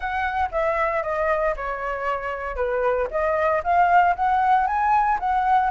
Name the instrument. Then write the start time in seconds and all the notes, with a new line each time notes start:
flute
0.00 F#5
0.51 E5
1.03 D#5
1.56 C#5
2.56 B4
3.10 D#5
3.63 F5
4.15 F#5
4.66 G#5
5.19 F#5